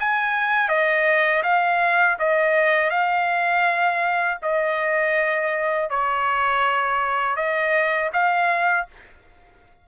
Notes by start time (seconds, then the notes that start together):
0.00 G#5
0.69 D#5
1.43 F5
2.20 D#5
2.91 F5
4.42 D#5
5.90 C#5
7.36 D#5
8.13 F5